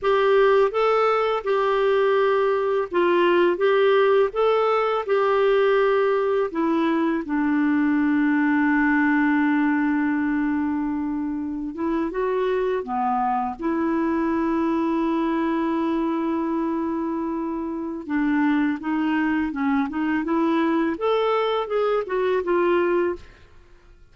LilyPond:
\new Staff \with { instrumentName = "clarinet" } { \time 4/4 \tempo 4 = 83 g'4 a'4 g'2 | f'4 g'4 a'4 g'4~ | g'4 e'4 d'2~ | d'1~ |
d'16 e'8 fis'4 b4 e'4~ e'16~ | e'1~ | e'4 d'4 dis'4 cis'8 dis'8 | e'4 a'4 gis'8 fis'8 f'4 | }